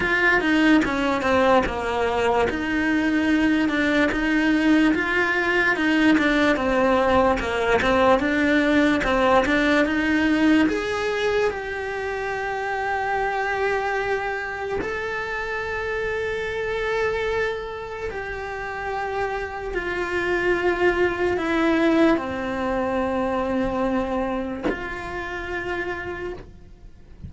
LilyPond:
\new Staff \with { instrumentName = "cello" } { \time 4/4 \tempo 4 = 73 f'8 dis'8 cis'8 c'8 ais4 dis'4~ | dis'8 d'8 dis'4 f'4 dis'8 d'8 | c'4 ais8 c'8 d'4 c'8 d'8 | dis'4 gis'4 g'2~ |
g'2 a'2~ | a'2 g'2 | f'2 e'4 c'4~ | c'2 f'2 | }